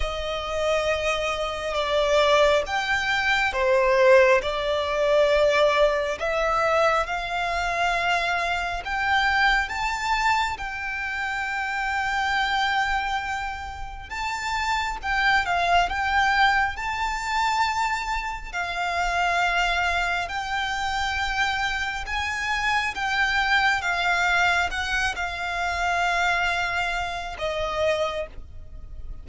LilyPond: \new Staff \with { instrumentName = "violin" } { \time 4/4 \tempo 4 = 68 dis''2 d''4 g''4 | c''4 d''2 e''4 | f''2 g''4 a''4 | g''1 |
a''4 g''8 f''8 g''4 a''4~ | a''4 f''2 g''4~ | g''4 gis''4 g''4 f''4 | fis''8 f''2~ f''8 dis''4 | }